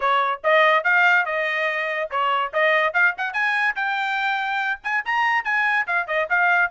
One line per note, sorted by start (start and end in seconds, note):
0.00 0.41 C#5
0.43 0.84 D#5
0.84 1.25 F5
1.25 2.09 D#5
2.10 2.52 C#5
2.53 2.93 D#5
2.93 3.14 F5
3.17 3.33 F#5
3.33 3.75 G#5
3.75 4.80 G5
4.83 5.04 G#5
5.05 5.44 A#5
5.44 5.86 G#5
5.86 6.07 F5
6.07 6.28 D#5
6.29 6.71 F5